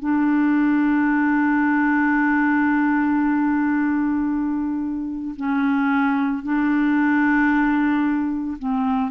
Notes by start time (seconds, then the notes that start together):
0.00 D4
5.37 C#4
6.43 D4
8.59 C4